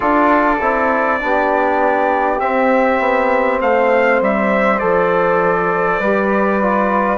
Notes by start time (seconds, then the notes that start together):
0.00 D4 F4 A4 D5
0.60 C4 E4
1.20 B3 D4 G4
2.39 C4 E5
2.99 B3
3.61 A3 C5 F5
4.21 G3 E5
4.79 F3 A4 D5
5.99 G3 G4 B4
6.62 F4